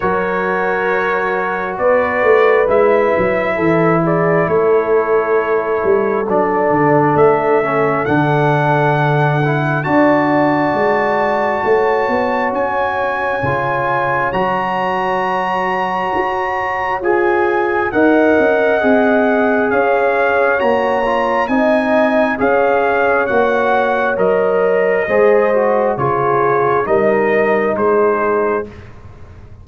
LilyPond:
<<
  \new Staff \with { instrumentName = "trumpet" } { \time 4/4 \tempo 4 = 67 cis''2 d''4 e''4~ | e''8 d''8 cis''2 d''4 | e''4 fis''2 a''4~ | a''2 gis''2 |
ais''2. gis''4 | fis''2 f''4 ais''4 | gis''4 f''4 fis''4 dis''4~ | dis''4 cis''4 dis''4 c''4 | }
  \new Staff \with { instrumentName = "horn" } { \time 4/4 ais'2 b'2 | a'8 gis'8 a'2.~ | a'2. d''4~ | d''4 cis''2.~ |
cis''1 | dis''2 cis''2 | dis''4 cis''2. | c''4 gis'4 ais'4 gis'4 | }
  \new Staff \with { instrumentName = "trombone" } { \time 4/4 fis'2. e'4~ | e'2. d'4~ | d'8 cis'8 d'4. e'8 fis'4~ | fis'2. f'4 |
fis'2. gis'4 | ais'4 gis'2 fis'8 f'8 | dis'4 gis'4 fis'4 ais'4 | gis'8 fis'8 f'4 dis'2 | }
  \new Staff \with { instrumentName = "tuba" } { \time 4/4 fis2 b8 a8 gis8 fis8 | e4 a4. g8 fis8 d8 | a4 d2 d'4 | gis4 a8 b8 cis'4 cis4 |
fis2 fis'4 f'4 | dis'8 cis'8 c'4 cis'4 ais4 | c'4 cis'4 ais4 fis4 | gis4 cis4 g4 gis4 | }
>>